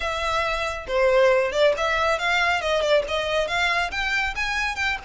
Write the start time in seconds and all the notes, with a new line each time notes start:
0.00 E5
0.87 C5
1.51 D5
1.77 E5
2.18 F5
2.61 D#5
2.81 D5
3.08 D#5
3.47 F5
3.91 G5
4.35 G#5
4.75 G5